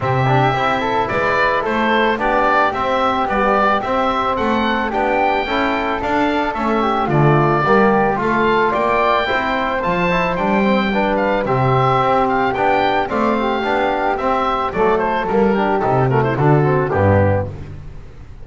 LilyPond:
<<
  \new Staff \with { instrumentName = "oboe" } { \time 4/4 \tempo 4 = 110 e''2 d''4 c''4 | d''4 e''4 d''4 e''4 | fis''4 g''2 f''4 | e''4 d''2 f''4 |
g''2 a''4 g''4~ | g''8 f''8 e''4. f''8 g''4 | f''2 e''4 d''8 c''8 | ais'4 a'8 ais'16 c''16 a'4 g'4 | }
  \new Staff \with { instrumentName = "flute" } { \time 4/4 g'4. a'8 b'4 a'4 | g'1 | a'4 g'4 a'2~ | a'8 g'8 f'4 g'4 a'4 |
d''4 c''2. | b'4 g'2. | d''8 g'2~ g'8 a'4~ | a'8 g'4 fis'16 e'16 fis'4 d'4 | }
  \new Staff \with { instrumentName = "trombone" } { \time 4/4 c'8 d'8 e'2. | d'4 c'4 g4 c'4~ | c'4 d'4 e'4 d'4 | cis'4 a4 ais4 f'4~ |
f'4 e'4 f'8 e'8 d'8 c'8 | d'4 c'2 d'4 | c'4 d'4 c'4 a4 | ais8 d'8 dis'8 a8 d'8 c'8 b4 | }
  \new Staff \with { instrumentName = "double bass" } { \time 4/4 c4 c'4 gis4 a4 | b4 c'4 b4 c'4 | a4 b4 cis'4 d'4 | a4 d4 g4 a4 |
ais4 c'4 f4 g4~ | g4 c4 c'4 b4 | a4 b4 c'4 fis4 | g4 c4 d4 g,4 | }
>>